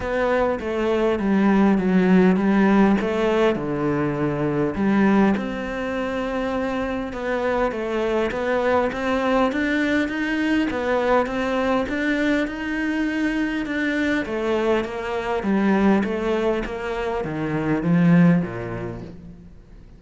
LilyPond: \new Staff \with { instrumentName = "cello" } { \time 4/4 \tempo 4 = 101 b4 a4 g4 fis4 | g4 a4 d2 | g4 c'2. | b4 a4 b4 c'4 |
d'4 dis'4 b4 c'4 | d'4 dis'2 d'4 | a4 ais4 g4 a4 | ais4 dis4 f4 ais,4 | }